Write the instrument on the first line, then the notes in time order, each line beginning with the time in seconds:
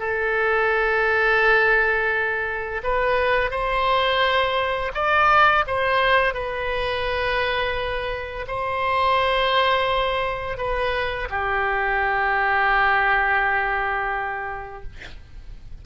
oboe
0.00 A4
2.84 B4
3.51 C5
4.94 D5
5.67 C5
6.34 B4
8.48 C5
10.58 B4
11.30 G4